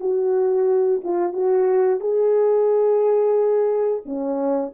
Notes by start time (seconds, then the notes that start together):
0.00 F#4
1.03 F4
1.32 F#4
2.00 G#4
4.05 C#4